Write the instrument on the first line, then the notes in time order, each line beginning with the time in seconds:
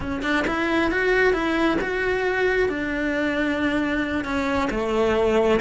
cello
0.00 C#4
0.22 D4
0.47 E4
0.91 F#4
1.33 E4
1.81 F#4
2.68 D4
4.24 C#4
4.70 A3